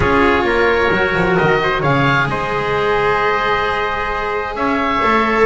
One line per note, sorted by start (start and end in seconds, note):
0.00 0.43 C#4
0.00 0.90 F4
0.00 0.45 G#4
0.00 1.36 C#5
0.43 0.88 A#3
0.43 1.61 A#4
0.91 1.14 F#3
0.91 1.82 F#4
1.14 1.37 F3
1.36 1.83 D#3
1.36 1.82 D#5
1.62 1.80 C5
1.80 2.27 C#3
1.80 5.02 G#4
1.80 2.26 C#5
1.80 2.28 F5
2.27 4.55 G#3
2.27 4.57 C5
2.27 4.55 D#5
4.55 5.01 C#4
4.55 5.46 C#5
4.55 5.46 E5
5.02 5.46 A3
5.02 5.46 A4